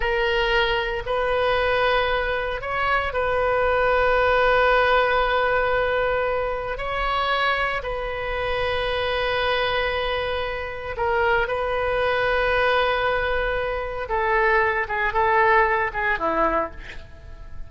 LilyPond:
\new Staff \with { instrumentName = "oboe" } { \time 4/4 \tempo 4 = 115 ais'2 b'2~ | b'4 cis''4 b'2~ | b'1~ | b'4 cis''2 b'4~ |
b'1~ | b'4 ais'4 b'2~ | b'2. a'4~ | a'8 gis'8 a'4. gis'8 e'4 | }